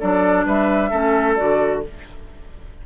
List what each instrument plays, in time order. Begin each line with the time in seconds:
0.00 bassoon F#3, clarinet D4, oboe A4, flute D5
0.45 bassoon G3, oboe B4, flute E5
0.90 bassoon A3, clarinet C#4, oboe A4
1.35 bassoon D3, clarinet F#4, flute D5